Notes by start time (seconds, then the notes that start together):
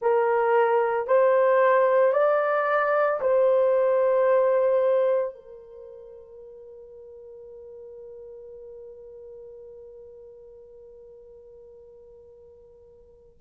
0.01 A#4
1.07 C5
2.12 D5
3.20 C5
5.35 A#4